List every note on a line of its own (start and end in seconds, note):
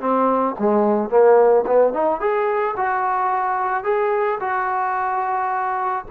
0.00 0.55 C4
0.59 1.10 G#3
1.10 1.65 A#3
1.66 1.93 B3
1.93 2.20 D#4
2.20 2.75 G#4
2.76 3.84 F#4
3.84 4.39 G#4
4.40 6.05 F#4